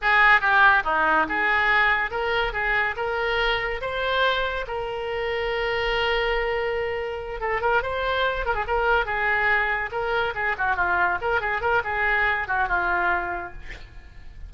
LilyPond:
\new Staff \with { instrumentName = "oboe" } { \time 4/4 \tempo 4 = 142 gis'4 g'4 dis'4 gis'4~ | gis'4 ais'4 gis'4 ais'4~ | ais'4 c''2 ais'4~ | ais'1~ |
ais'4. a'8 ais'8 c''4. | ais'16 gis'16 ais'4 gis'2 ais'8~ | ais'8 gis'8 fis'8 f'4 ais'8 gis'8 ais'8 | gis'4. fis'8 f'2 | }